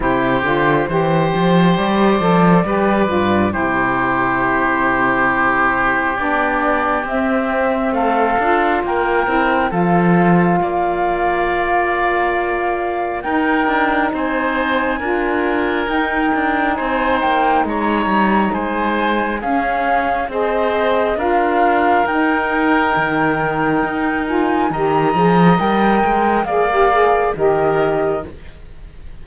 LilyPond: <<
  \new Staff \with { instrumentName = "flute" } { \time 4/4 \tempo 4 = 68 c''2 d''2 | c''2. d''4 | e''4 f''4 g''4 f''4~ | f''2. g''4 |
gis''2 g''4 gis''8 g''8 | ais''4 gis''4 f''4 dis''4 | f''4 g''2~ g''8 gis''8 | ais''4 g''4 f''4 dis''4 | }
  \new Staff \with { instrumentName = "oboe" } { \time 4/4 g'4 c''2 b'4 | g'1~ | g'4 a'4 ais'4 a'4 | d''2. ais'4 |
c''4 ais'2 c''4 | cis''4 c''4 gis'4 c''4 | ais'1 | dis''2 d''4 ais'4 | }
  \new Staff \with { instrumentName = "saxophone" } { \time 4/4 e'8 f'8 g'4. a'8 g'8 f'8 | e'2. d'4 | c'4. f'4 e'8 f'4~ | f'2. dis'4~ |
dis'4 f'4 dis'2~ | dis'2 cis'4 gis'4 | f'4 dis'2~ dis'8 f'8 | g'8 gis'8 ais'4 gis'16 g'16 gis'8 g'4 | }
  \new Staff \with { instrumentName = "cello" } { \time 4/4 c8 d8 e8 f8 g8 f8 g8 g,8 | c2. b4 | c'4 a8 d'8 ais8 c'8 f4 | ais2. dis'8 d'8 |
c'4 d'4 dis'8 d'8 c'8 ais8 | gis8 g8 gis4 cis'4 c'4 | d'4 dis'4 dis4 dis'4 | dis8 f8 g8 gis8 ais4 dis4 | }
>>